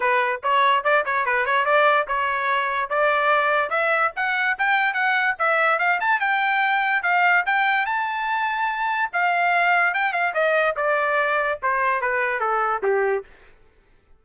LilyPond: \new Staff \with { instrumentName = "trumpet" } { \time 4/4 \tempo 4 = 145 b'4 cis''4 d''8 cis''8 b'8 cis''8 | d''4 cis''2 d''4~ | d''4 e''4 fis''4 g''4 | fis''4 e''4 f''8 a''8 g''4~ |
g''4 f''4 g''4 a''4~ | a''2 f''2 | g''8 f''8 dis''4 d''2 | c''4 b'4 a'4 g'4 | }